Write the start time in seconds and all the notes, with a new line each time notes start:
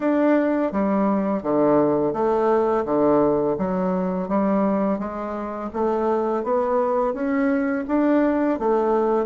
0.00 D4
0.71 G3
1.43 D3
2.13 A3
2.85 D3
3.58 F#3
4.28 G3
4.98 G#3
5.73 A3
6.43 B3
7.13 C#4
7.87 D4
8.59 A3